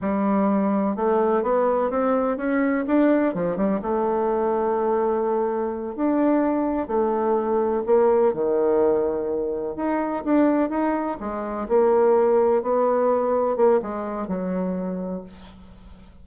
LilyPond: \new Staff \with { instrumentName = "bassoon" } { \time 4/4 \tempo 4 = 126 g2 a4 b4 | c'4 cis'4 d'4 f8 g8 | a1~ | a8 d'2 a4.~ |
a8 ais4 dis2~ dis8~ | dis8 dis'4 d'4 dis'4 gis8~ | gis8 ais2 b4.~ | b8 ais8 gis4 fis2 | }